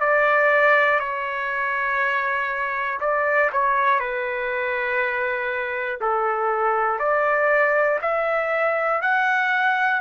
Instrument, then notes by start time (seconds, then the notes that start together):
trumpet
0.00 D5
0.99 C#5
3.00 D5
3.52 C#5
4.00 B4
6.00 A4
6.99 D5
8.01 E5
9.01 F#5